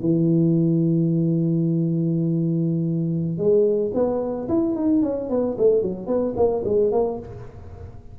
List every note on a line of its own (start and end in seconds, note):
0.00 3.37 E3
3.37 3.91 G#3
3.94 4.48 B3
4.48 4.75 E4
4.75 5.02 D#4
5.02 5.29 C#4
5.29 5.57 B3
5.58 5.82 A3
5.82 6.07 F#3
6.07 6.34 B3
6.36 6.63 A#3
6.64 6.91 G#3
6.91 7.18 A#3